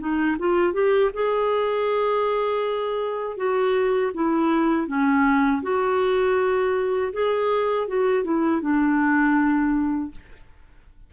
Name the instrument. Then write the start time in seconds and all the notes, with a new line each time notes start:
clarinet
0.00 D#4
0.40 F4
0.74 G4
1.14 G#4
3.38 F#4
4.14 E4
4.88 C#4
5.63 F#4
7.13 G#4
7.88 F#4
8.24 E4
8.62 D4